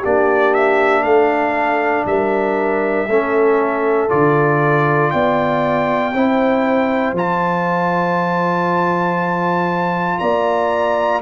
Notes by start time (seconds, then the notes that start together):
0.00 A#3 D4 G4 D5
0.54 E5
1.04 A3 A4 F5
2.06 G3 A#4 E5
3.08 A3 C#4 A4
4.09 D3 F4 D5
5.11 B3 D5 G5
6.14 C4 E4 C5
7.13 F3 F4 A5
10.19 A#3 D5 A#5